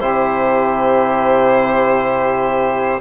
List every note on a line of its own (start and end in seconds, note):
0.00 3.01 C3
0.00 3.00 E4
0.00 3.00 G4
0.00 3.00 C5